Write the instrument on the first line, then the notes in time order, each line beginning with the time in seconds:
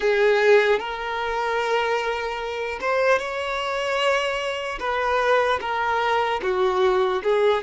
violin
0.00 G#4
0.79 A#4
2.80 C5
3.18 C#5
4.79 B4
5.60 A#4
6.42 F#4
7.23 G#4